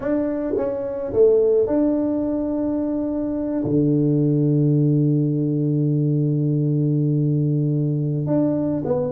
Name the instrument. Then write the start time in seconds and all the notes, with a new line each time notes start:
tuba
0.00 D4
0.56 C#4
1.13 A3
1.67 D4
3.64 D3
8.26 D4
8.84 B3